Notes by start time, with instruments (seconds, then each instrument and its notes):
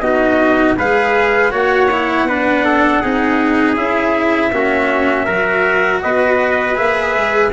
0.00 tuba B3, cello D#4, trumpet F#4 D#5
0.77 tuba G#3, cello G#4, trumpet B4 F5
1.51 tuba A#3, cello F#4, trumpet C#5 F#5
1.91 cello E4
2.24 tuba B3, cello D4, trumpet B4
2.64 trumpet A4
3.01 tuba C4, cello D#4, trumpet G#4
3.76 tuba C#4, cello E4, trumpet E5
4.52 tuba A#3, cello C#4, trumpet F#4
5.24 tuba F#3, cello F#4, trumpet A#4
6.02 tuba B3, trumpet B4 D#5
6.75 tuba A#3, cello G#4, trumpet E5
7.15 tuba G#3